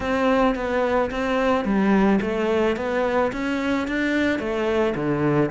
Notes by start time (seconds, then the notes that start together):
0.00 C4
0.55 B3
1.11 C4
1.64 G3
2.21 A3
2.76 B3
3.32 C#4
3.87 D4
4.39 A3
4.95 D3